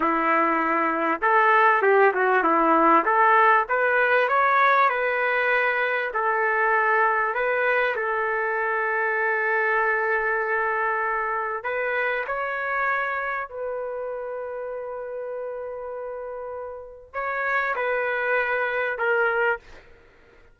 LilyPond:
\new Staff \with { instrumentName = "trumpet" } { \time 4/4 \tempo 4 = 98 e'2 a'4 g'8 fis'8 | e'4 a'4 b'4 cis''4 | b'2 a'2 | b'4 a'2.~ |
a'2. b'4 | cis''2 b'2~ | b'1 | cis''4 b'2 ais'4 | }